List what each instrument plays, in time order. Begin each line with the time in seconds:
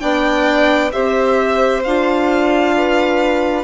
0.00 bassoon B3, clarinet D4, violin D5 G5
0.93 bassoon C4, clarinet G4, violin C5 E5
1.84 bassoon D4, clarinet F4, violin F5
2.77 violin B4